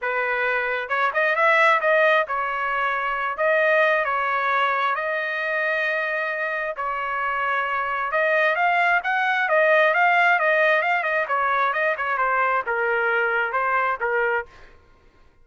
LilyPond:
\new Staff \with { instrumentName = "trumpet" } { \time 4/4 \tempo 4 = 133 b'2 cis''8 dis''8 e''4 | dis''4 cis''2~ cis''8 dis''8~ | dis''4 cis''2 dis''4~ | dis''2. cis''4~ |
cis''2 dis''4 f''4 | fis''4 dis''4 f''4 dis''4 | f''8 dis''8 cis''4 dis''8 cis''8 c''4 | ais'2 c''4 ais'4 | }